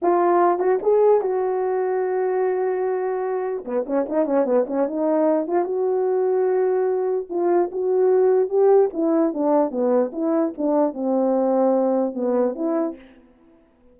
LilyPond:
\new Staff \with { instrumentName = "horn" } { \time 4/4 \tempo 4 = 148 f'4. fis'8 gis'4 fis'4~ | fis'1~ | fis'4 b8 cis'8 dis'8 cis'8 b8 cis'8 | dis'4. f'8 fis'2~ |
fis'2 f'4 fis'4~ | fis'4 g'4 e'4 d'4 | b4 e'4 d'4 c'4~ | c'2 b4 e'4 | }